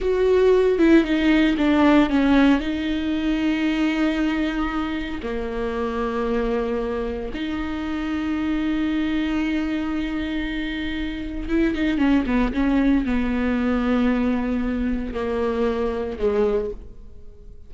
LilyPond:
\new Staff \with { instrumentName = "viola" } { \time 4/4 \tempo 4 = 115 fis'4. e'8 dis'4 d'4 | cis'4 dis'2.~ | dis'2 ais2~ | ais2 dis'2~ |
dis'1~ | dis'2 e'8 dis'8 cis'8 b8 | cis'4 b2.~ | b4 ais2 gis4 | }